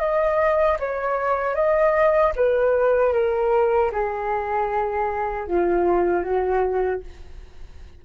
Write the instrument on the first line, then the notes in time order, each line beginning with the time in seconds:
flute
0.00 D#5
0.80 C#5
1.55 D#5
2.36 B4
3.13 A#4
3.92 G#4
5.47 F4
6.23 F#4